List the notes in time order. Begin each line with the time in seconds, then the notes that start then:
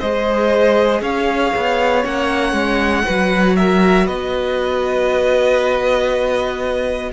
0.00 G#3 G#4 C5 D#5
1.01 C#4 C#5 F5
1.56 B3
2.03 A#3 C#4 F#5
2.53 G#3
3.05 F#3 F#4 B4
3.56 A#4 E5
4.06 B3 B4 D#5